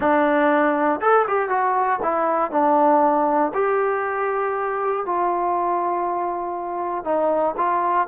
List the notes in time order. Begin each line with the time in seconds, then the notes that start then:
0.00 D4
1.00 A4
1.27 G4
1.49 F#4
2.02 E4
2.51 D4
3.54 G4
5.05 F4
7.04 D#4
7.57 F4